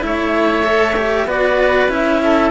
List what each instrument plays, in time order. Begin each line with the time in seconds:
0.00 cello A3 E4, oboe C#5, clarinet E5
0.63 cello A4
0.96 cello G4
1.25 cello B3 F#4, oboe B4, clarinet D5
1.88 cello C#4 E4, clarinet E5
2.23 oboe A4